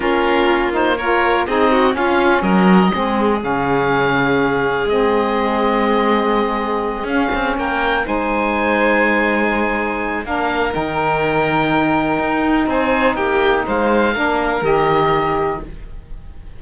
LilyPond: <<
  \new Staff \with { instrumentName = "oboe" } { \time 4/4 \tempo 4 = 123 ais'4. c''8 cis''4 dis''4 | f''4 dis''2 f''4~ | f''2 dis''2~ | dis''2~ dis''8 f''4 g''8~ |
g''8 gis''2.~ gis''8~ | gis''4 f''4 g''2~ | g''2 gis''4 g''4 | f''2 dis''2 | }
  \new Staff \with { instrumentName = "violin" } { \time 4/4 f'2 ais'4 gis'8 fis'8 | f'4 ais'4 gis'2~ | gis'1~ | gis'2.~ gis'8 ais'8~ |
ais'8 c''2.~ c''8~ | c''4 ais'2.~ | ais'2 c''4 g'4 | c''4 ais'2. | }
  \new Staff \with { instrumentName = "saxophone" } { \time 4/4 cis'4. dis'8 f'4 dis'4 | cis'2 c'4 cis'4~ | cis'2 c'2~ | c'2~ c'8 cis'4.~ |
cis'8 dis'2.~ dis'8~ | dis'4 d'4 dis'2~ | dis'1~ | dis'4 d'4 g'2 | }
  \new Staff \with { instrumentName = "cello" } { \time 4/4 ais2. c'4 | cis'4 fis4 gis4 cis4~ | cis2 gis2~ | gis2~ gis8 cis'8 c'8 ais8~ |
ais8 gis2.~ gis8~ | gis4 ais4 dis2~ | dis4 dis'4 c'4 ais4 | gis4 ais4 dis2 | }
>>